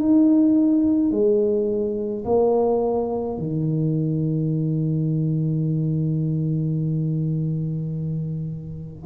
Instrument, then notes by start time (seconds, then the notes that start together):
tuba
0.00 D#4
1.11 G#3
2.25 A#3
3.39 D#3